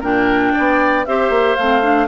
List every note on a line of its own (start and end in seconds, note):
0.00 0.53 A#2
0.00 1.06 D4
0.00 0.52 A#4
0.00 1.05 G5
0.54 1.06 B3
0.54 1.06 D5
1.05 1.29 C4
1.05 1.58 G4
1.05 2.07 C5
1.05 1.55 E5
1.29 1.55 A#3
1.55 2.07 A3
1.55 1.81 C4
1.55 2.07 F5
1.81 2.07 D4